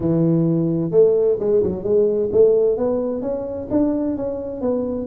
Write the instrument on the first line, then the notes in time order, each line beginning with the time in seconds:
tuba
0.00 E3
0.91 A3
1.39 G#3
1.63 F#3
1.83 G#3
2.32 A3
2.77 B3
3.21 C#4
3.70 D4
4.16 C#4
4.61 B3